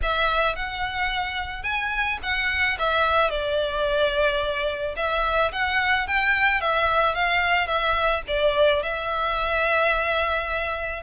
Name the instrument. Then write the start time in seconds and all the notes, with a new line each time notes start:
violin
0.02 E5
0.55 F#5
1.63 G#5
2.22 F#5
2.78 E5
3.30 D5
4.96 E5
5.52 F#5
6.07 G5
6.61 E5
7.14 F5
7.67 E5
8.27 D5
8.82 E5